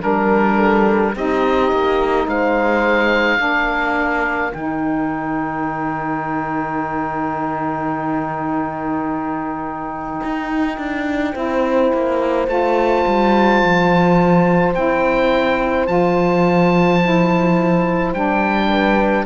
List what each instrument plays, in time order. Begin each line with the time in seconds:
0.00 cello G3, saxophone D4, oboe A#4, horn A#4
0.56 horn A4
1.15 cello C4, saxophone D#4, horn G4, oboe D#5
1.72 cello A#3
2.27 cello G#3, horn C5, oboe F5
3.37 cello A#3, saxophone D4, horn A#4
4.53 cello D#3, saxophone D#4, oboe G5
10.23 cello D#4
10.77 cello D4
11.32 cello C4, saxophone E4, horn C5
11.93 cello A#3
12.47 cello A3, saxophone F4, oboe A5
13.07 cello G3
13.62 cello F3
14.75 cello C4, saxophone E4, oboe G5
15.87 cello F3, saxophone F4, oboe A5
17.02 saxophone E4
18.12 cello G3, saxophone D4, oboe G5
18.68 horn B4